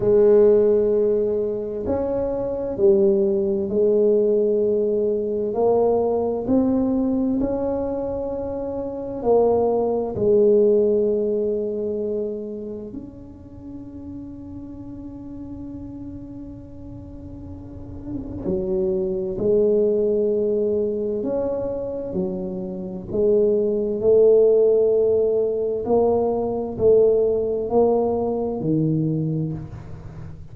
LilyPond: \new Staff \with { instrumentName = "tuba" } { \time 4/4 \tempo 4 = 65 gis2 cis'4 g4 | gis2 ais4 c'4 | cis'2 ais4 gis4~ | gis2 cis'2~ |
cis'1 | fis4 gis2 cis'4 | fis4 gis4 a2 | ais4 a4 ais4 dis4 | }